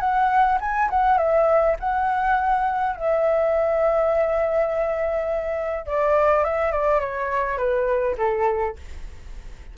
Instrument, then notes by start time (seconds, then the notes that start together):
flute
0.00 F#5
0.60 G#5
0.90 F#5
1.18 E5
1.80 F#5
2.96 E5
5.86 D5
6.44 E5
6.72 D5
7.00 C#5
7.57 B4
8.18 A4